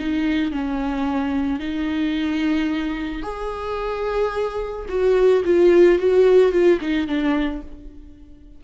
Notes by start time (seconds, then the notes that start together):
0.00 D#4
0.52 C#4
1.60 D#4
3.23 G#4
4.89 F#4
5.45 F4
6.00 F#4
6.53 F4
6.81 D#4
7.08 D4